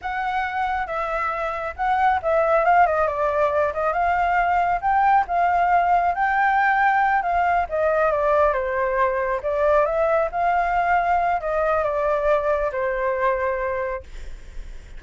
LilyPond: \new Staff \with { instrumentName = "flute" } { \time 4/4 \tempo 4 = 137 fis''2 e''2 | fis''4 e''4 f''8 dis''8 d''4~ | d''8 dis''8 f''2 g''4 | f''2 g''2~ |
g''8 f''4 dis''4 d''4 c''8~ | c''4. d''4 e''4 f''8~ | f''2 dis''4 d''4~ | d''4 c''2. | }